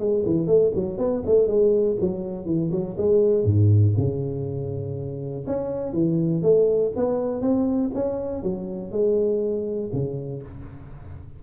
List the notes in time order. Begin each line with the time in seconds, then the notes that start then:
0.00 G#3
0.26 E3
0.47 A3
0.75 F#3
0.98 B3
1.26 A3
1.47 G#3
2.01 F#3
2.46 E3
2.72 F#3
2.98 G#3
3.45 G#2
3.98 C#3
5.47 C#4
5.93 E3
6.43 A3
6.96 B3
7.41 C4
7.95 C#4
8.43 F#3
8.92 G#3
9.93 C#3